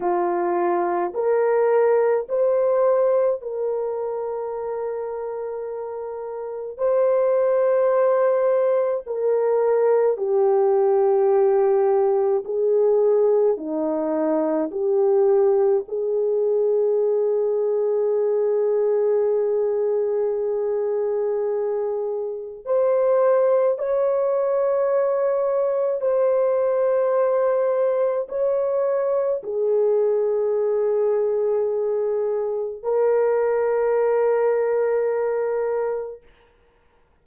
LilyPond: \new Staff \with { instrumentName = "horn" } { \time 4/4 \tempo 4 = 53 f'4 ais'4 c''4 ais'4~ | ais'2 c''2 | ais'4 g'2 gis'4 | dis'4 g'4 gis'2~ |
gis'1 | c''4 cis''2 c''4~ | c''4 cis''4 gis'2~ | gis'4 ais'2. | }